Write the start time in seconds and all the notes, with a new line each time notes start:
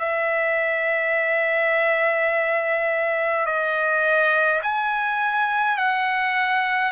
0.00 E5
3.46 D#5
4.63 G#5
5.78 F#5